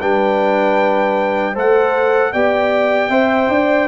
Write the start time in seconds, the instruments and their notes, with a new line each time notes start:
0.00 tuba G3, trombone D4, horn B4, trumpet G5
1.53 tuba A3, trombone A4, horn C5, trumpet F#5
2.33 tuba B3, trombone G4, horn D5, trumpet G5
3.09 tuba C4, trombone C5, horn E5
3.49 tuba D4, horn D5